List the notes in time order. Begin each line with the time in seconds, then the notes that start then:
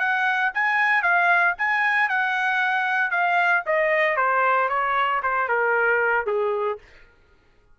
0.00 F#5
0.55 G#5
1.03 F5
1.58 G#5
2.09 F#5
3.11 F5
3.67 D#5
4.17 C5
4.70 C#5
5.23 C5
5.49 A#4
6.27 G#4